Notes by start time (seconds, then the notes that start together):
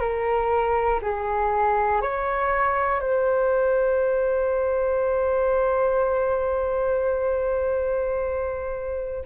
0.00 A#4
1.02 G#4
2.01 C#5
3.00 C5